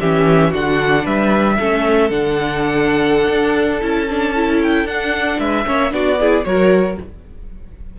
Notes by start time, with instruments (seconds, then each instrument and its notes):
0.00 cello E3, viola C#4, violin G4 E5
0.51 cello D3, viola D4, violin F#4 F#5
1.04 cello G3, violin B4 E5
1.59 cello A3, viola C#4, violin A4
2.10 cello D3, viola D4, violin F#5
3.29 cello D4
3.81 cello C#4, viola E4, violin A5
4.09 viola D4
4.35 viola E4
4.63 violin G5
4.84 cello D4, viola D4, violin F#5
5.39 cello G#3, violin B4 E5
5.66 cello A#3, viola C#4, violin C#5
5.90 cello B3, viola D4, violin F#4 D5
6.19 viola E4, violin G#4
6.44 cello F#3, viola F#4, violin A#4 C#5